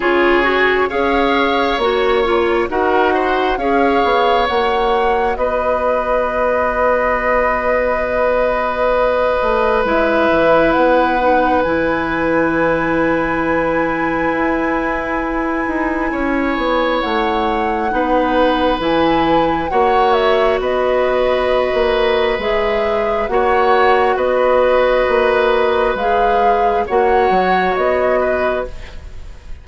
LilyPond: <<
  \new Staff \with { instrumentName = "flute" } { \time 4/4 \tempo 4 = 67 cis''4 f''4 cis''4 fis''4 | f''4 fis''4 dis''2~ | dis''2. e''4 | fis''4 gis''2.~ |
gis''2. fis''4~ | fis''4 gis''4 fis''8 e''8 dis''4~ | dis''4 e''4 fis''4 dis''4~ | dis''4 f''4 fis''4 dis''4 | }
  \new Staff \with { instrumentName = "oboe" } { \time 4/4 gis'4 cis''2 ais'8 c''8 | cis''2 b'2~ | b'1~ | b'1~ |
b'2 cis''2 | b'2 cis''4 b'4~ | b'2 cis''4 b'4~ | b'2 cis''4. b'8 | }
  \new Staff \with { instrumentName = "clarinet" } { \time 4/4 f'8 fis'8 gis'4 fis'8 f'8 fis'4 | gis'4 fis'2.~ | fis'2. e'4~ | e'8 dis'8 e'2.~ |
e'1 | dis'4 e'4 fis'2~ | fis'4 gis'4 fis'2~ | fis'4 gis'4 fis'2 | }
  \new Staff \with { instrumentName = "bassoon" } { \time 4/4 cis4 cis'4 ais4 dis'4 | cis'8 b8 ais4 b2~ | b2~ b8 a8 gis8 e8 | b4 e2. |
e'4. dis'8 cis'8 b8 a4 | b4 e4 ais4 b4~ | b16 ais8. gis4 ais4 b4 | ais4 gis4 ais8 fis8 b4 | }
>>